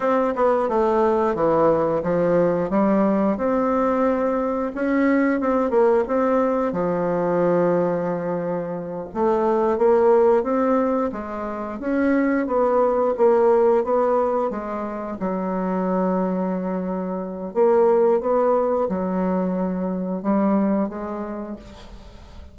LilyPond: \new Staff \with { instrumentName = "bassoon" } { \time 4/4 \tempo 4 = 89 c'8 b8 a4 e4 f4 | g4 c'2 cis'4 | c'8 ais8 c'4 f2~ | f4. a4 ais4 c'8~ |
c'8 gis4 cis'4 b4 ais8~ | ais8 b4 gis4 fis4.~ | fis2 ais4 b4 | fis2 g4 gis4 | }